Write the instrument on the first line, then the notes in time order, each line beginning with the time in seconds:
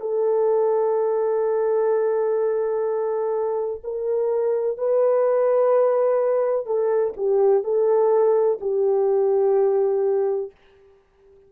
horn
0.00 A4
3.84 A#4
4.77 B4
6.66 A4
7.16 G4
7.64 A4
8.61 G4